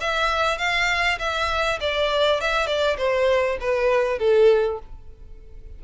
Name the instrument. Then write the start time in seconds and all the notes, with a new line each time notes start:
violin
0.00 E5
0.58 F5
1.18 E5
1.80 D5
2.40 E5
2.66 D5
2.97 C5
3.60 B4
4.18 A4